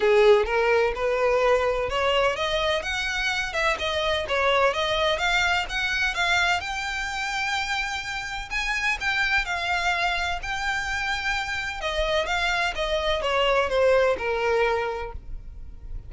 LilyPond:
\new Staff \with { instrumentName = "violin" } { \time 4/4 \tempo 4 = 127 gis'4 ais'4 b'2 | cis''4 dis''4 fis''4. e''8 | dis''4 cis''4 dis''4 f''4 | fis''4 f''4 g''2~ |
g''2 gis''4 g''4 | f''2 g''2~ | g''4 dis''4 f''4 dis''4 | cis''4 c''4 ais'2 | }